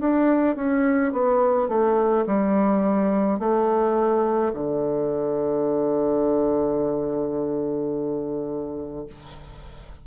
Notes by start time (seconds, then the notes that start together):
0.00 D4
0.56 C#4
1.13 B3
1.69 A3
2.26 G3
3.39 A3
4.54 D3